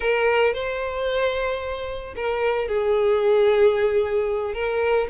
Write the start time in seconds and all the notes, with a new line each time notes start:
0.00 A#4
0.53 C5
2.15 A#4
2.68 G#4
4.54 A#4